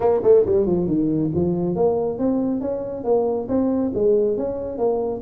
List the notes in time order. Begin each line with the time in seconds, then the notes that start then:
0.00 A#3
0.23 A3
0.45 G3
0.66 F3
0.87 D#3
1.34 F3
1.75 A#3
2.18 C4
2.60 C#4
3.04 A#3
3.48 C4
3.94 G#3
4.37 C#4
4.77 A#3